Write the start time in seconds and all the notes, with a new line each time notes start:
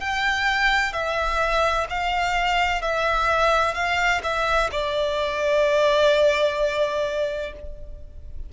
0.00 G5
0.93 E5
1.90 F5
2.82 E5
3.74 F5
4.23 E5
4.72 D5